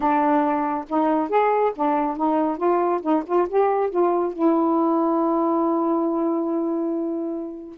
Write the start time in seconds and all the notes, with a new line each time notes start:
0.00 D4
0.88 D#4
1.29 G#4
1.75 D4
2.16 D#4
2.57 F4
3.02 D#4
3.26 F4
3.48 G4
3.90 F4
4.33 E4